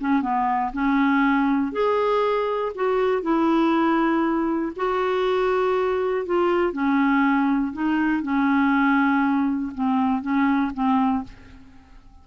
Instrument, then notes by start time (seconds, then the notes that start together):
clarinet
0.00 C#4
0.22 B3
0.73 C#4
1.72 G#4
2.75 F#4
3.22 E4
4.76 F#4
6.26 F4
6.73 C#4
7.73 D#4
8.22 C#4
9.75 C4
10.22 C#4
10.74 C4